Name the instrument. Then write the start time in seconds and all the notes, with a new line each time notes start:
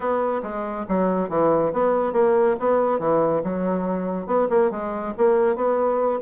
bassoon
0.00 B3
0.42 G#3
0.88 F#3
1.29 E3
1.73 B3
2.13 A#3
2.59 B3
2.99 E3
3.43 F#3
4.26 B3
4.49 A#3
4.70 G#3
5.17 A#3
5.55 B3